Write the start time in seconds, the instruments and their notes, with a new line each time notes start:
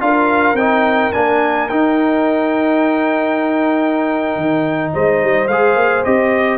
0.00 tuba D4, trombone F4, horn A#4, trumpet F5
0.54 tuba C4, trombone D#4, trumpet G5
1.13 tuba A#3, trombone D4, trumpet G#5
1.69 tuba D#4, trombone D#4, trumpet G5
4.36 tuba D#3
4.93 tuba G#3, horn C5, trumpet D#5
5.23 tuba G3
5.48 tuba G#3, trombone G#4, trumpet F5
5.76 tuba A#3
6.04 tuba C4, trombone G4, trumpet D#5